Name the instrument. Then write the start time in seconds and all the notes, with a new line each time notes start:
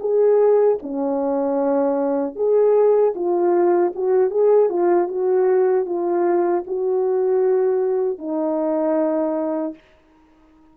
horn
0.00 G#4
0.83 C#4
2.36 G#4
3.15 F4
3.96 F#4
4.31 G#4
4.69 F4
5.08 F#4
5.86 F4
6.67 F#4
8.19 D#4